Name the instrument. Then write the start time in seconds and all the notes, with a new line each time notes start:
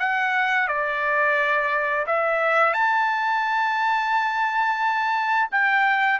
trumpet
0.00 F#5
0.68 D5
2.07 E5
2.74 A5
5.52 G5